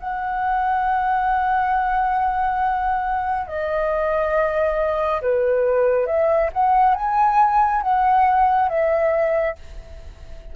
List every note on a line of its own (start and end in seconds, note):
0.00 3.48 F#5
3.48 5.22 D#5
5.22 6.07 B4
6.07 6.50 E5
6.53 6.95 F#5
6.95 7.82 G#5
7.82 8.69 F#5
8.69 9.56 E5